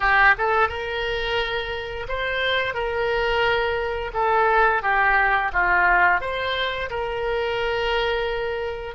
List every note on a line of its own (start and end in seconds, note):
0.00 0.34 G4
0.38 0.69 A4
0.69 2.07 A#4
2.08 2.73 C5
2.73 4.11 A#4
4.13 4.82 A4
4.82 5.51 G4
5.52 6.20 F4
6.20 6.89 C5
6.90 8.94 A#4